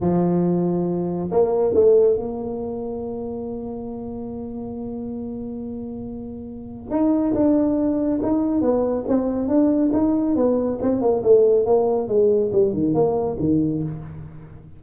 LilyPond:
\new Staff \with { instrumentName = "tuba" } { \time 4/4 \tempo 4 = 139 f2. ais4 | a4 ais2.~ | ais1~ | ais1 |
dis'4 d'2 dis'4 | b4 c'4 d'4 dis'4 | b4 c'8 ais8 a4 ais4 | gis4 g8 dis8 ais4 dis4 | }